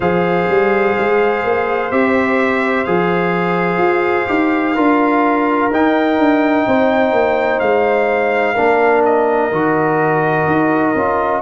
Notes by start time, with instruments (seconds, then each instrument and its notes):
0.00 tuba F3, trombone G#4, horn C5, trumpet F5
0.48 tuba G3
0.97 tuba G#3
1.44 tuba A#3
1.91 tuba C4, trombone G4, trumpet E5
2.84 tuba F3, trombone G#4, trumpet F5
3.77 tuba F4
4.26 tuba D#4, trombone G4
4.74 tuba D4, trombone F4, horn A#4
5.71 tuba D#4, trombone D#4, trumpet G5
6.18 tuba D4
6.67 tuba C4, horn C5
7.12 tuba A#3
7.59 tuba G#3, trumpet F5
8.54 tuba A#3, trombone D4, horn A#4
9.05 trumpet D#5
9.51 tuba D#3, trombone F#4
10.46 tuba D#4
10.95 tuba C#4, trombone F4